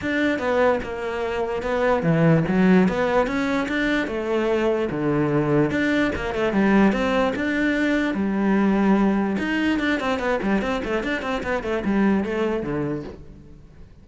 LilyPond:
\new Staff \with { instrumentName = "cello" } { \time 4/4 \tempo 4 = 147 d'4 b4 ais2 | b4 e4 fis4 b4 | cis'4 d'4 a2 | d2 d'4 ais8 a8 |
g4 c'4 d'2 | g2. dis'4 | d'8 c'8 b8 g8 c'8 a8 d'8 c'8 | b8 a8 g4 a4 d4 | }